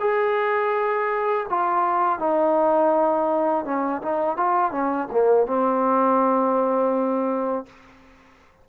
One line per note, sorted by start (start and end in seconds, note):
0.00 1.46 G#4
1.49 2.19 F4
2.19 3.65 D#4
3.65 4.01 C#4
4.02 4.37 D#4
4.37 4.71 F4
4.71 5.08 C#4
5.12 5.46 A#3
5.46 7.66 C4